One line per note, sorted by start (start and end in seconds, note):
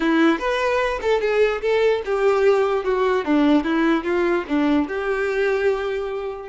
0.00 0.38 E4
0.38 0.99 B4
1.01 1.20 A4
1.20 1.61 G#4
1.61 2.02 A4
2.05 2.84 G4
2.84 3.25 F#4
3.25 3.64 D4
3.64 4.04 E4
4.04 4.44 F4
4.47 4.88 D4
4.88 6.48 G4